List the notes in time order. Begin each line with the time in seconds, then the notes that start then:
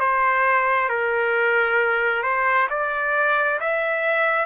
0.00 C5
0.90 A#4
2.23 C5
2.70 D5
3.60 E5